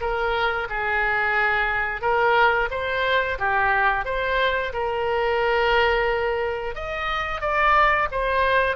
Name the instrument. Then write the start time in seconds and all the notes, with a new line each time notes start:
oboe
0.00 A#4
0.69 G#4
2.01 A#4
2.70 C5
3.38 G4
4.04 C5
4.73 A#4
6.74 D#5
7.40 D5
8.11 C5